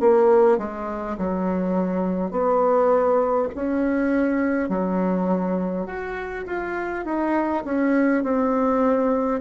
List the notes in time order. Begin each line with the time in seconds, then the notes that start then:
0.00 A#3
0.58 G#3
1.18 F#3
2.31 B3
3.55 C#4
4.69 F#3
5.86 F#4
6.46 F4
7.05 D#4
7.65 C#4
8.23 C4